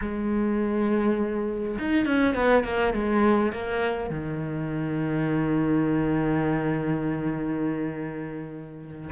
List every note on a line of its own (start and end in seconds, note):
0.01 1.77 G#3
1.78 2.05 D#4
2.05 2.34 C#4
2.34 2.64 B3
2.64 2.93 A#3
2.93 3.52 G#3
3.52 4.10 A#3
4.10 9.10 D#3